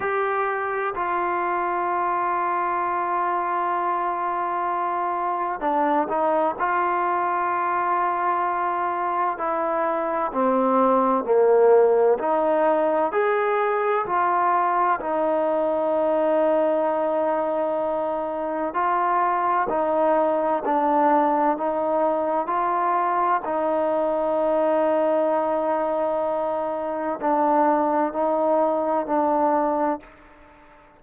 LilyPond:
\new Staff \with { instrumentName = "trombone" } { \time 4/4 \tempo 4 = 64 g'4 f'2.~ | f'2 d'8 dis'8 f'4~ | f'2 e'4 c'4 | ais4 dis'4 gis'4 f'4 |
dis'1 | f'4 dis'4 d'4 dis'4 | f'4 dis'2.~ | dis'4 d'4 dis'4 d'4 | }